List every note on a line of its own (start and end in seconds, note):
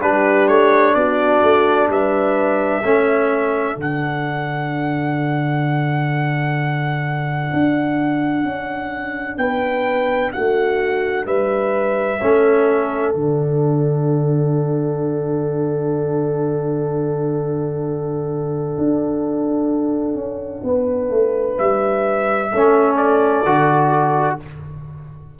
0.00 0.48 G3
0.00 2.83 D4
0.00 0.94 G4
0.00 0.48 B4
0.48 0.95 A3
0.48 0.95 C#5
0.95 1.42 B3
0.95 1.90 F#4
0.95 1.88 D5
1.43 1.88 A3
1.88 2.82 G3
1.88 2.85 B4
1.88 3.79 E5
2.83 3.76 A3
2.83 3.76 C#4
2.83 9.39 A4
3.76 7.51 D3
3.76 12.20 D4
3.76 9.38 F#5
7.53 8.44 D4
8.44 9.38 C#4
9.38 10.31 B3
9.38 10.33 B4
9.38 10.32 G5
10.32 11.26 A3
10.32 11.26 F#4
10.32 11.26 F#5
11.26 12.19 G3
11.26 12.20 B4
11.26 13.13 E5
12.20 13.14 A3
12.20 13.14 C#4
12.20 20.64 A4
13.13 18.77 D3
13.13 22.52 D4
13.13 21.57 F#5
18.78 20.15 D4
20.15 20.62 C#4
20.63 21.10 B3
20.63 22.52 B4
21.10 21.57 A3
21.58 22.53 G3
21.58 22.96 E5
22.52 23.45 A3
22.52 23.46 C#4
22.52 24.39 A4
22.96 24.37 D5
23.45 24.39 D3
23.45 24.39 F#4